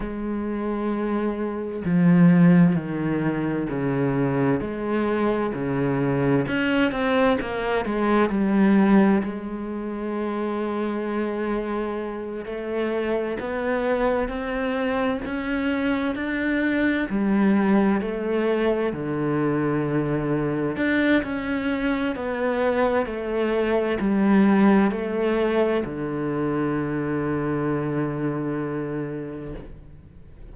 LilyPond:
\new Staff \with { instrumentName = "cello" } { \time 4/4 \tempo 4 = 65 gis2 f4 dis4 | cis4 gis4 cis4 cis'8 c'8 | ais8 gis8 g4 gis2~ | gis4. a4 b4 c'8~ |
c'8 cis'4 d'4 g4 a8~ | a8 d2 d'8 cis'4 | b4 a4 g4 a4 | d1 | }